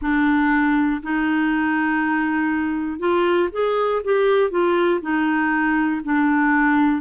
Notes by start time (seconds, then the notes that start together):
0.01 D4
1.02 D#4
2.99 F4
3.51 G#4
4.04 G4
4.50 F4
5.00 D#4
6.04 D4